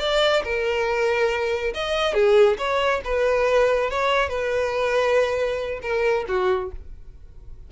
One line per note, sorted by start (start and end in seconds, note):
0.00 0.43 D5
0.44 1.74 A#4
1.74 2.14 D#5
2.14 2.58 G#4
2.58 3.02 C#5
3.05 3.91 B4
3.91 4.29 C#5
4.29 5.80 B4
5.83 6.26 A#4
6.28 6.71 F#4